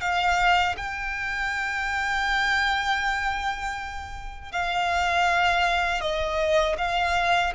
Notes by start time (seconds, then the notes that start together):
0.00 F5
0.77 G5
4.51 F5
6.01 D#5
6.77 F5